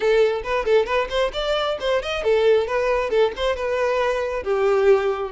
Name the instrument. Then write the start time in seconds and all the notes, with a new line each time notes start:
violin
0.00 A4
0.43 B4
0.65 A4
0.85 B4
1.09 C5
1.33 D5
1.80 C5
2.02 D#5
2.23 A4
2.67 B4
3.10 A4
3.36 C5
3.56 B4
4.43 G4